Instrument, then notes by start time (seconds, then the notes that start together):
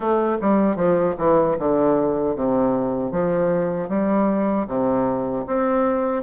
bassoon
0.00 A3
0.41 G3
0.75 F3
1.18 E3
1.58 D3
2.35 C3
3.11 F3
3.88 G3
4.67 C3
5.47 C4